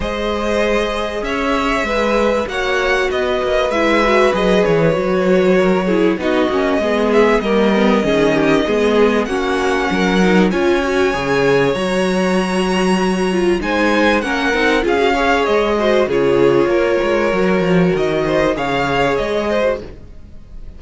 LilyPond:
<<
  \new Staff \with { instrumentName = "violin" } { \time 4/4 \tempo 4 = 97 dis''2 e''2 | fis''4 dis''4 e''4 dis''8 cis''8~ | cis''2 dis''4. e''8 | dis''2. fis''4~ |
fis''4 gis''2 ais''4~ | ais''2 gis''4 fis''4 | f''4 dis''4 cis''2~ | cis''4 dis''4 f''4 dis''4 | }
  \new Staff \with { instrumentName = "violin" } { \time 4/4 c''2 cis''4 b'4 | cis''4 b'2.~ | b'4 ais'8 gis'8 fis'4 gis'4 | ais'4 gis'8 g'8 gis'4 fis'4 |
ais'4 cis''2.~ | cis''2 c''4 ais'4 | gis'8 cis''4 c''8 gis'4 ais'4~ | ais'4. c''8 cis''4. c''8 | }
  \new Staff \with { instrumentName = "viola" } { \time 4/4 gis'1 | fis'2 e'8 fis'8 gis'4 | fis'4. e'8 dis'8 cis'8 b4 | ais8 b8 cis'4 b4 cis'4~ |
cis'8 dis'8 f'8 fis'8 gis'4 fis'4~ | fis'4. f'8 dis'4 cis'8 dis'8 | f'16 fis'16 gis'4 fis'8 f'2 | fis'2 gis'4.~ gis'16 fis'16 | }
  \new Staff \with { instrumentName = "cello" } { \time 4/4 gis2 cis'4 gis4 | ais4 b8 ais8 gis4 fis8 e8 | fis2 b8 ais8 gis4 | g4 dis4 gis4 ais4 |
fis4 cis'4 cis4 fis4~ | fis2 gis4 ais8 c'8 | cis'4 gis4 cis4 ais8 gis8 | fis8 f8 dis4 cis4 gis4 | }
>>